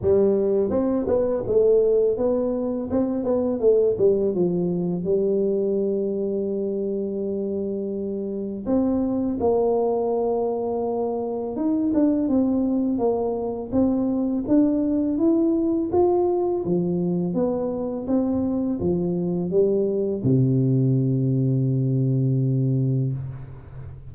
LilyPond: \new Staff \with { instrumentName = "tuba" } { \time 4/4 \tempo 4 = 83 g4 c'8 b8 a4 b4 | c'8 b8 a8 g8 f4 g4~ | g1 | c'4 ais2. |
dis'8 d'8 c'4 ais4 c'4 | d'4 e'4 f'4 f4 | b4 c'4 f4 g4 | c1 | }